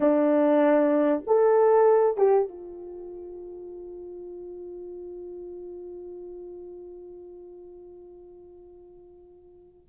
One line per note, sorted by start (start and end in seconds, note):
0.00 1.24 D4
1.27 2.17 A4
2.17 2.48 G4
2.48 9.89 F4